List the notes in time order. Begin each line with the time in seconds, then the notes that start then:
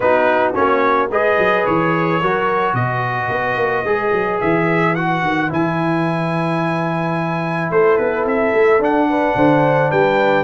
0.00 B3 D#4 F#4 B4
0.54 A#3 C#4 C#5
1.10 G#3 G#4 B4 D#5
1.38 F#3
1.66 E3 C#5
2.21 F#3 F#4 A#4
2.73 B2 B4 D#5
3.29 B3
3.56 A#3
3.84 G#3 G#4
4.12 F#3
4.40 E3 E5
4.95 F#4 F#5
5.22 D#3
5.49 E3 E4 G#5
7.70 A3 A4 C5
7.97 B3 B4
8.25 C4 E5
8.53 A3
8.78 D4 F#5
9.09 B4
9.35 D3 C5
9.91 G3 B4 G5